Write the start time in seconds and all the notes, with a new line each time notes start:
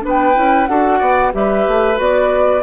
0.00 B3 D4 B4
0.09 G5
0.34 C#4 E4
0.66 D4 F#4 A4 F#5
0.98 B3 D5
1.32 G3 G4 B4 E5
1.67 A3
1.95 B3 F#4 D5